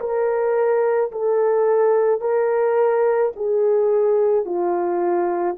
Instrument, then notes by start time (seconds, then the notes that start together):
horn
0.00 A#4
1.11 A4
2.21 A#4
3.36 G#4
4.45 F4